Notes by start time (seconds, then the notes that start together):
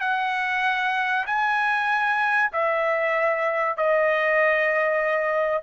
0.00 F#5
1.26 G#5
2.53 E5
3.77 D#5